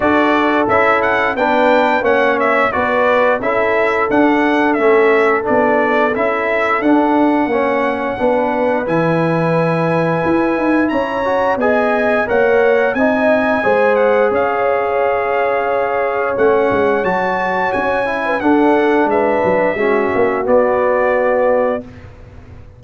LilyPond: <<
  \new Staff \with { instrumentName = "trumpet" } { \time 4/4 \tempo 4 = 88 d''4 e''8 fis''8 g''4 fis''8 e''8 | d''4 e''4 fis''4 e''4 | d''4 e''4 fis''2~ | fis''4 gis''2. |
ais''4 gis''4 fis''4 gis''4~ | gis''8 fis''8 f''2. | fis''4 a''4 gis''4 fis''4 | e''2 d''2 | }
  \new Staff \with { instrumentName = "horn" } { \time 4/4 a'2 b'4 cis''4 | b'4 a'2.~ | a'2. cis''4 | b'1 |
cis''4 dis''4 cis''4 dis''4 | c''4 cis''2.~ | cis''2~ cis''8. b'16 a'4 | b'4 fis'2. | }
  \new Staff \with { instrumentName = "trombone" } { \time 4/4 fis'4 e'4 d'4 cis'4 | fis'4 e'4 d'4 cis'4 | d'4 e'4 d'4 cis'4 | d'4 e'2.~ |
e'8 fis'8 gis'4 ais'4 dis'4 | gis'1 | cis'4 fis'4. e'8 d'4~ | d'4 cis'4 b2 | }
  \new Staff \with { instrumentName = "tuba" } { \time 4/4 d'4 cis'4 b4 ais4 | b4 cis'4 d'4 a4 | b4 cis'4 d'4 ais4 | b4 e2 e'8 dis'8 |
cis'4 b4 ais4 c'4 | gis4 cis'2. | a8 gis8 fis4 cis'4 d'4 | gis8 fis8 gis8 ais8 b2 | }
>>